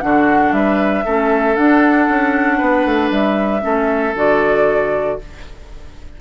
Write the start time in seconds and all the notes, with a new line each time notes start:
0.00 D3 D4 F#4 F#5
0.52 G3 B4 E5
1.04 A3 C#4 A4
1.55 D4 F#5
2.08 C#4
2.57 B3 B4
2.84 A3
3.10 G3 E5
3.61 A3 C#4 A4
4.14 D3 F#4 D5